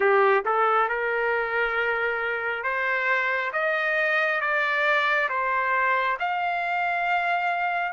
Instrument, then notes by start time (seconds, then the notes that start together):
trumpet
0.00 G4
0.45 A4
0.88 A#4
2.63 C5
3.53 D#5
4.40 D5
5.29 C5
6.19 F5